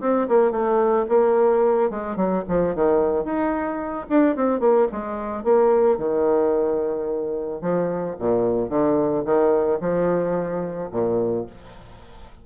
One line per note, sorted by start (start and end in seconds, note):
0.00 0.27 C4
0.28 0.51 A#3
0.51 1.06 A3
1.09 1.90 A#3
1.90 2.16 G#3
2.16 2.43 F#3
2.48 2.75 F3
2.75 3.24 D#3
3.24 4.06 D#4
4.09 4.36 D4
4.36 4.60 C4
4.60 4.87 A#3
4.92 5.44 G#3
5.44 5.98 A#3
5.98 7.61 D#3
7.61 8.16 F3
8.19 8.69 A#2
8.69 9.24 D3
9.25 9.79 D#3
9.81 10.90 F3
10.91 11.46 A#2